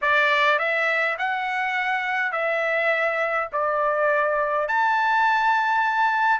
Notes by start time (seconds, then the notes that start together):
0.01 D5
0.58 E5
1.18 F#5
2.31 E5
3.52 D5
4.68 A5